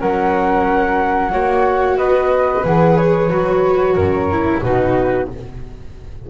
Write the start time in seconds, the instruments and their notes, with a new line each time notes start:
0.00 double bass F#3, viola C#4, flute A#4 F#5
1.32 double bass A#3, viola F#4, flute C#5
1.97 double bass B3, flute B4 D#5
2.64 double bass E3, viola G#4, flute F#5
2.96 flute C#5
3.29 double bass F#3, viola F#4
3.95 double bass F#2, flute A#4
4.31 viola E4
4.62 double bass B2, viola D#4, flute F#4 B4